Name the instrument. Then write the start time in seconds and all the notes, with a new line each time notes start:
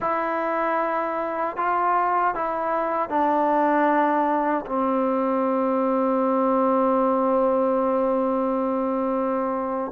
trombone
0.00 E4
1.56 F4
2.34 E4
3.09 D4
4.65 C4